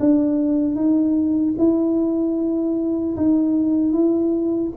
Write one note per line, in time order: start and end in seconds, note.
0.00 0.76 D4
0.76 1.55 D#4
1.59 3.17 E4
3.17 3.93 D#4
3.93 4.72 E4